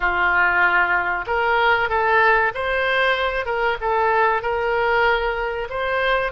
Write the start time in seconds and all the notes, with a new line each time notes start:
0.00 F4
1.27 A#4
1.89 A4
2.54 C5
3.45 A#4
3.80 A4
4.42 A#4
5.69 C5